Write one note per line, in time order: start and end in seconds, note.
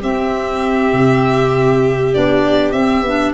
0.00 2.12 C4
0.00 0.93 C4
0.00 3.33 G4
0.00 2.14 E5
0.93 2.14 C3
2.13 2.72 B3
2.13 2.74 D4
2.13 2.72 D5
2.72 3.02 C4
2.72 3.05 C4
2.72 3.32 E5
3.02 3.32 B3
3.02 3.33 D4